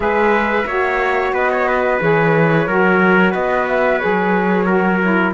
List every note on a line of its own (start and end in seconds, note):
0.00 0.64 G#3
0.00 0.63 G#4
0.00 0.67 B4
0.00 1.32 E5
0.66 1.32 A#3
0.66 2.01 F#4
0.66 1.33 C#5
1.32 1.99 B3
1.32 1.50 B4
1.32 2.00 D#5
1.51 1.67 C#5
1.67 2.67 B4
2.01 2.67 E3
2.01 2.67 G#4
2.01 3.33 C#5
2.67 3.34 F#3
2.67 4.00 F#4
2.67 3.31 A#4
3.31 4.01 B3
3.31 4.64 B4
3.31 3.66 D#5
3.67 3.98 E5
3.98 5.33 F#3
3.98 4.65 G#4
3.98 5.31 C#5
4.65 4.99 F#4
4.65 5.32 A#4
5.02 5.33 E4